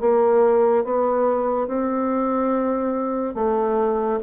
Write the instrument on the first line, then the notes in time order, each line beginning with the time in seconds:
bassoon
0.00 A#3
0.85 B3
1.67 C4
3.35 A3